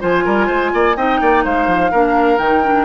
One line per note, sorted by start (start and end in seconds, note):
0.00 0.26 F3
0.00 0.95 F4
0.00 0.25 C5
0.00 0.97 G#5
0.25 0.49 G3
0.25 0.47 A#4
0.47 0.73 G#3
0.47 0.71 C5
0.74 0.97 A#3
0.74 0.97 D5
0.97 1.20 C4
0.97 1.92 D#4
0.97 1.21 D#5
0.97 1.44 G5
1.21 1.45 A#3
1.21 1.44 D5
1.44 1.67 G#3
1.44 1.92 C5
1.44 2.39 F5
1.67 1.91 F3
1.92 2.39 A#3
1.92 2.38 D4
1.92 2.86 A#4
2.38 2.86 D#3
2.38 2.62 D#4
2.38 2.86 G5
2.64 2.86 D4